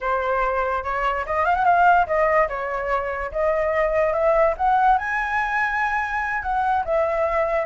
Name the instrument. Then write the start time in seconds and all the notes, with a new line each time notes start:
flute
0.00 C5
0.83 C#5
1.25 D#5
1.45 F5
1.55 F#5
1.65 F5
2.06 D#5
2.48 C#5
3.31 D#5
4.13 E5
4.57 F#5
4.97 G#5
6.42 F#5
6.84 E5